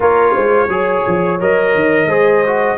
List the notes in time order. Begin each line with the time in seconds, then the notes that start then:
0.00 A#3 F4 A#4 C#5
0.33 G#3 C5
0.68 F#3 G#4 C#5
1.07 F3
1.40 F#3 A#4 D#5
1.75 D#3
2.06 G#3 G#4 C5
2.46 F#4